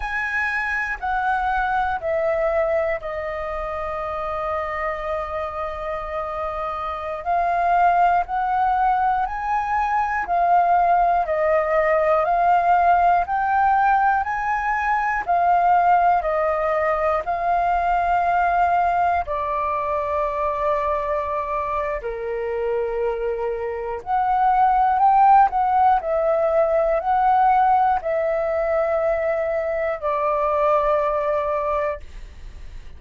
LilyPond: \new Staff \with { instrumentName = "flute" } { \time 4/4 \tempo 4 = 60 gis''4 fis''4 e''4 dis''4~ | dis''2.~ dis''16 f''8.~ | f''16 fis''4 gis''4 f''4 dis''8.~ | dis''16 f''4 g''4 gis''4 f''8.~ |
f''16 dis''4 f''2 d''8.~ | d''2 ais'2 | fis''4 g''8 fis''8 e''4 fis''4 | e''2 d''2 | }